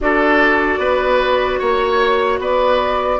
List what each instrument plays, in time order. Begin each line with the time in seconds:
0.00 bassoon D4, clarinet F#4, oboe A4, flute D5
0.78 bassoon B3, oboe B4
1.59 bassoon A#3, flute C#5, oboe C#5
2.39 bassoon B3, oboe B4, flute D5